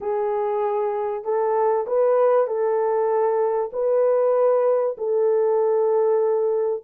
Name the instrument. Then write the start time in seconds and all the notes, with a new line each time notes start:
horn
0.00 G#4
1.24 A4
1.87 B4
2.47 A4
3.72 B4
4.97 A4